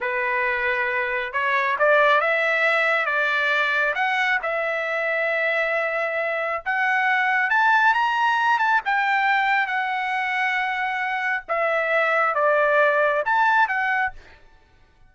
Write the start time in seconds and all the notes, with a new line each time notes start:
0.00 B4
1.32 C#5
1.78 D5
2.21 E5
3.05 D5
3.94 F#5
4.42 E5
6.65 F#5
7.49 A5
7.94 A#5
8.58 A5
8.85 G5
9.66 F#5
11.48 E5
12.34 D5
13.25 A5
13.68 F#5